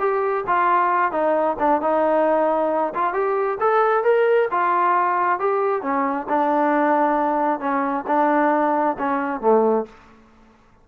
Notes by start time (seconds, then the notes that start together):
0.00 G4
0.47 F4
1.12 D#4
1.59 D4
1.82 D#4
2.95 F4
3.14 G4
3.61 A4
4.04 A#4
4.51 F4
5.40 G4
5.83 C#4
6.30 D4
7.60 C#4
8.07 D4
8.99 C#4
9.41 A3